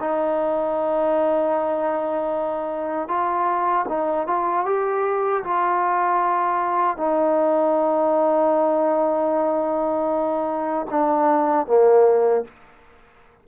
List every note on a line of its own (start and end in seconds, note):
0.00 3.09 D#4
3.09 3.86 F4
3.89 4.28 D#4
4.28 4.66 F4
4.66 5.44 G4
5.44 6.98 F4
6.98 10.87 D#4
10.91 11.67 D4
11.67 12.45 A#3